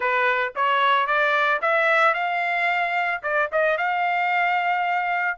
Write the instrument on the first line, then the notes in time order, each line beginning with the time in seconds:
trumpet
0.00 B4
0.55 C#5
1.06 D5
1.61 E5
2.14 F5
3.22 D5
3.52 D#5
3.77 F5